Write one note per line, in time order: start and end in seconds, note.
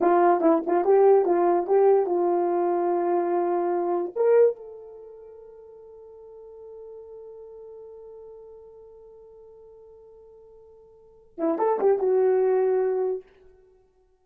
0.01 0.40 F4
0.40 0.61 E4
0.66 0.84 F4
0.84 1.25 G4
1.25 1.66 F4
1.66 2.06 G4
2.06 4.13 F4
4.15 4.56 A#4
4.56 11.37 A4
11.37 11.58 E4
11.58 11.79 A4
11.79 11.98 G4
11.98 13.22 F#4